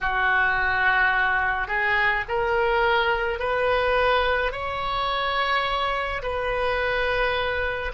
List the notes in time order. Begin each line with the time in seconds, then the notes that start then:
0.01 F#4
1.67 G#4
2.28 A#4
3.39 B4
4.52 C#5
6.22 B4